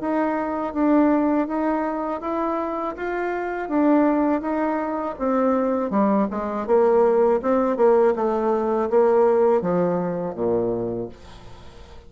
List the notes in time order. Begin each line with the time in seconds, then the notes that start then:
0.00 D#4
0.73 D4
1.47 D#4
2.21 E4
2.96 F4
3.68 D4
4.41 D#4
5.19 C4
5.90 G3
6.30 G#3
6.66 A#3
7.42 C4
7.76 A#3
8.15 A3
8.90 A#3
9.61 F3
10.34 A#2